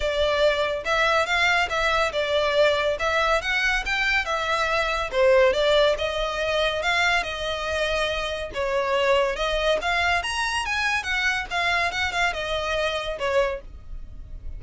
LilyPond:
\new Staff \with { instrumentName = "violin" } { \time 4/4 \tempo 4 = 141 d''2 e''4 f''4 | e''4 d''2 e''4 | fis''4 g''4 e''2 | c''4 d''4 dis''2 |
f''4 dis''2. | cis''2 dis''4 f''4 | ais''4 gis''4 fis''4 f''4 | fis''8 f''8 dis''2 cis''4 | }